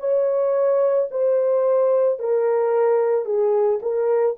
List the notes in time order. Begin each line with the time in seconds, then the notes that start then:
0.00 C#5
1.11 C5
2.19 A#4
3.25 G#4
3.82 A#4